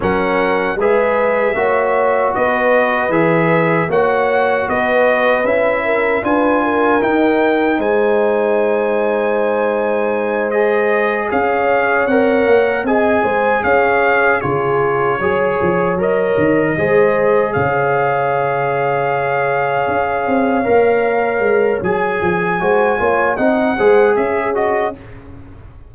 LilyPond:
<<
  \new Staff \with { instrumentName = "trumpet" } { \time 4/4 \tempo 4 = 77 fis''4 e''2 dis''4 | e''4 fis''4 dis''4 e''4 | gis''4 g''4 gis''2~ | gis''4. dis''4 f''4 fis''8~ |
fis''8 gis''4 f''4 cis''4.~ | cis''8 dis''2 f''4.~ | f''1 | gis''2 fis''4 e''8 dis''8 | }
  \new Staff \with { instrumentName = "horn" } { \time 4/4 ais'4 b'4 cis''4 b'4~ | b'4 cis''4 b'4. ais'8 | b'8 ais'4. c''2~ | c''2~ c''8 cis''4.~ |
cis''8 dis''8 c''8 cis''4 gis'4 cis''8~ | cis''4. c''4 cis''4.~ | cis''1~ | cis''4 c''8 cis''8 dis''8 c''8 gis'4 | }
  \new Staff \with { instrumentName = "trombone" } { \time 4/4 cis'4 gis'4 fis'2 | gis'4 fis'2 e'4 | f'4 dis'2.~ | dis'4. gis'2 ais'8~ |
ais'8 gis'2 f'4 gis'8~ | gis'8 ais'4 gis'2~ gis'8~ | gis'2~ gis'8 ais'4. | gis'4 fis'8 f'8 dis'8 gis'4 fis'8 | }
  \new Staff \with { instrumentName = "tuba" } { \time 4/4 fis4 gis4 ais4 b4 | e4 ais4 b4 cis'4 | d'4 dis'4 gis2~ | gis2~ gis8 cis'4 c'8 |
ais8 c'8 gis8 cis'4 cis4 fis8 | f8 fis8 dis8 gis4 cis4.~ | cis4. cis'8 c'8 ais4 gis8 | fis8 f8 gis8 ais8 c'8 gis8 cis'4 | }
>>